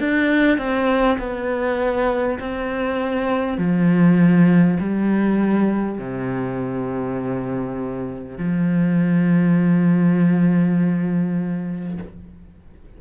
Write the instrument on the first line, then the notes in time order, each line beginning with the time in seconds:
cello
0.00 D4
0.58 C4
1.18 B3
2.39 C4
3.58 F3
4.80 G3
5.99 C3
8.38 F3